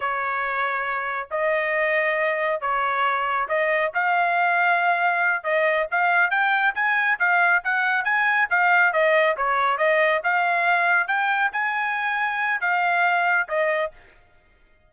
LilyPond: \new Staff \with { instrumentName = "trumpet" } { \time 4/4 \tempo 4 = 138 cis''2. dis''4~ | dis''2 cis''2 | dis''4 f''2.~ | f''8 dis''4 f''4 g''4 gis''8~ |
gis''8 f''4 fis''4 gis''4 f''8~ | f''8 dis''4 cis''4 dis''4 f''8~ | f''4. g''4 gis''4.~ | gis''4 f''2 dis''4 | }